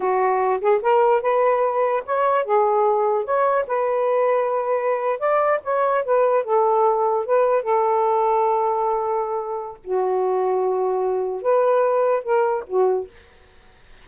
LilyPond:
\new Staff \with { instrumentName = "saxophone" } { \time 4/4 \tempo 4 = 147 fis'4. gis'8 ais'4 b'4~ | b'4 cis''4 gis'2 | cis''4 b'2.~ | b'8. d''4 cis''4 b'4 a'16~ |
a'4.~ a'16 b'4 a'4~ a'16~ | a'1 | fis'1 | b'2 ais'4 fis'4 | }